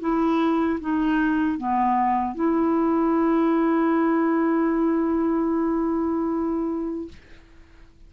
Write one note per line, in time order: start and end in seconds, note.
0.00 0.79 E4
0.80 1.58 D#4
1.58 2.35 B3
2.35 7.08 E4